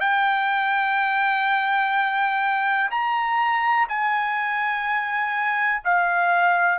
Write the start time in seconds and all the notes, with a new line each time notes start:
0.00 G5
2.91 A#5
3.89 G#5
5.85 F5